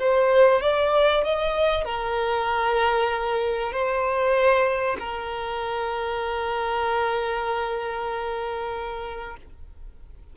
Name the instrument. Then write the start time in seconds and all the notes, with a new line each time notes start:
violin
0.00 C5
0.62 D5
1.25 D#5
1.85 A#4
3.72 C5
5.00 A#4